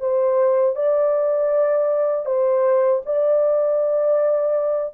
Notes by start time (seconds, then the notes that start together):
0.00 C5
0.76 D5
2.25 C5
3.06 D5